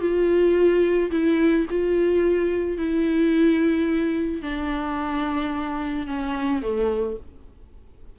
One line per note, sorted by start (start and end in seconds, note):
0.00 1.10 F4
1.11 1.66 E4
1.70 2.77 F4
2.77 4.42 E4
4.42 6.07 D4
6.07 6.62 C#4
6.62 7.17 A3